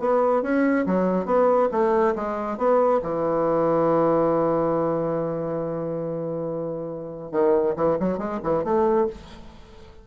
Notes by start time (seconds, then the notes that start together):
0.00 B3
0.43 C#4
0.86 F#3
1.26 B3
1.72 A3
2.15 G#3
2.58 B3
3.03 E3
7.32 D#3
7.77 E3
8.00 F#3
8.18 G#3
8.44 E3
8.64 A3